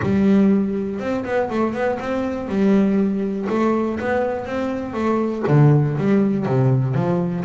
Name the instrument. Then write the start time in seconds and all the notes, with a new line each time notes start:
double bass
0.02 G3
0.99 C4
1.24 B3
1.50 A3
1.73 B3
1.99 C4
2.48 G3
3.49 A3
4.00 B3
4.45 C4
4.93 A3
5.47 D3
5.97 G3
6.45 C3
6.94 F3